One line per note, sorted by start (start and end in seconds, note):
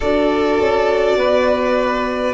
0.00 0.60 D4
0.00 2.34 F#4
0.00 1.17 A4
0.00 2.34 D5
0.60 1.16 C#4
1.16 2.34 B3
1.16 2.34 B4